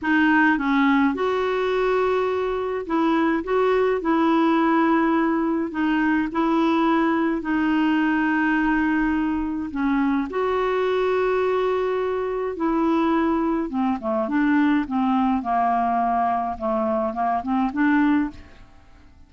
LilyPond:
\new Staff \with { instrumentName = "clarinet" } { \time 4/4 \tempo 4 = 105 dis'4 cis'4 fis'2~ | fis'4 e'4 fis'4 e'4~ | e'2 dis'4 e'4~ | e'4 dis'2.~ |
dis'4 cis'4 fis'2~ | fis'2 e'2 | c'8 a8 d'4 c'4 ais4~ | ais4 a4 ais8 c'8 d'4 | }